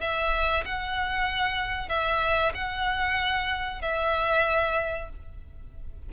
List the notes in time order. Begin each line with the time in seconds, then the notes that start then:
0.00 E5
0.65 F#5
1.88 E5
2.54 F#5
3.82 E5